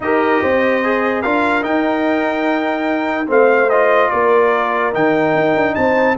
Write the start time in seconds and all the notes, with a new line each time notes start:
0.00 D#4 G4 A#4 D#5
0.42 C4 C5
0.84 G#4
1.22 D4 F4 A#4 F5
1.61 D#4 G5
3.26 A3 C4 C5 F5
3.69 F4 D#5
4.10 A#3 A#4 D5
4.93 D#3 D#4 G5
5.34 D#4
5.55 D4
5.74 C4 C5 A5